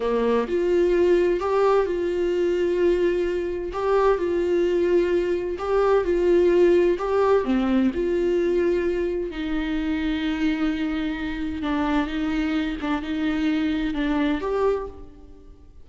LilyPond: \new Staff \with { instrumentName = "viola" } { \time 4/4 \tempo 4 = 129 ais4 f'2 g'4 | f'1 | g'4 f'2. | g'4 f'2 g'4 |
c'4 f'2. | dis'1~ | dis'4 d'4 dis'4. d'8 | dis'2 d'4 g'4 | }